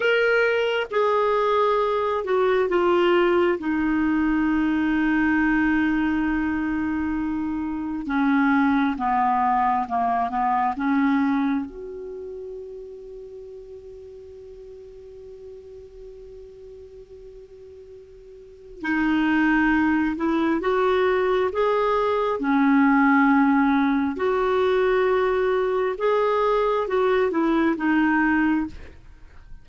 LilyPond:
\new Staff \with { instrumentName = "clarinet" } { \time 4/4 \tempo 4 = 67 ais'4 gis'4. fis'8 f'4 | dis'1~ | dis'4 cis'4 b4 ais8 b8 | cis'4 fis'2.~ |
fis'1~ | fis'4 dis'4. e'8 fis'4 | gis'4 cis'2 fis'4~ | fis'4 gis'4 fis'8 e'8 dis'4 | }